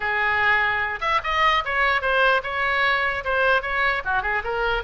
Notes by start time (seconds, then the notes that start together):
0.00 G#4
1.00 E5
1.23 D#5
1.65 C#5
2.01 C5
2.43 C#5
3.24 C5
3.61 C#5
4.04 F#4
4.22 G#4
4.44 A#4